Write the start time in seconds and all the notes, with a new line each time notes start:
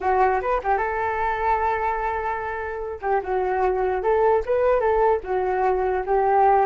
0.00 F#4
0.41 B4
0.63 G4
0.77 A4
3.01 G4
3.23 F#4
4.02 A4
4.45 B4
4.80 A4
5.23 F#4
6.06 G4